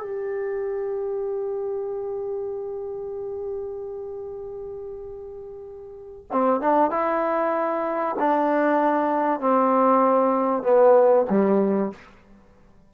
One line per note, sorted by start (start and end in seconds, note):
0.00 6.25 G4
6.32 6.61 C4
6.61 6.91 D4
6.91 8.16 E4
8.19 9.40 D4
9.40 10.63 C4
10.63 11.26 B3
11.30 11.92 G3